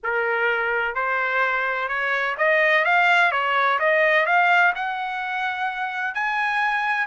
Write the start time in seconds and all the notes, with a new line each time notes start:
0.03 A#4
0.94 C5
1.88 C#5
2.37 D#5
2.85 F5
3.31 C#5
3.79 D#5
4.25 F5
4.75 F#5
6.14 G#5